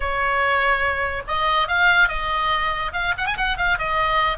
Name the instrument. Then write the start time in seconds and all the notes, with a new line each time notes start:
oboe
0.00 C#5
1.27 D#5
1.67 F5
2.08 D#5
2.93 F5
3.17 F#5
3.26 G#5
3.37 F#5
3.57 F5
3.78 D#5